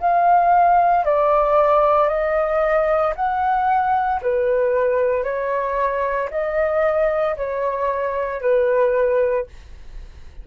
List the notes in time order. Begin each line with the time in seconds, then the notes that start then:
0.00 F5
1.05 D5
2.08 D#5
3.16 F#5
4.22 B4
5.24 C#5
6.31 D#5
7.36 C#5
8.41 B4